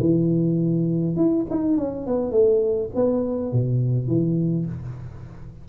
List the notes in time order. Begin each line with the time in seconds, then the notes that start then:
0.00 E3
1.16 E4
1.50 D#4
1.78 C#4
2.07 B3
2.32 A3
2.95 B3
3.52 B2
4.08 E3